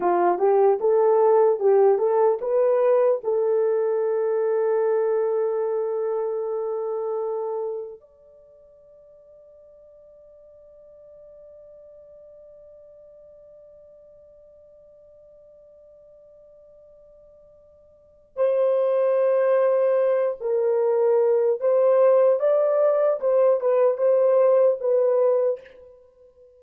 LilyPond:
\new Staff \with { instrumentName = "horn" } { \time 4/4 \tempo 4 = 75 f'8 g'8 a'4 g'8 a'8 b'4 | a'1~ | a'2 d''2~ | d''1~ |
d''1~ | d''2. c''4~ | c''4. ais'4. c''4 | d''4 c''8 b'8 c''4 b'4 | }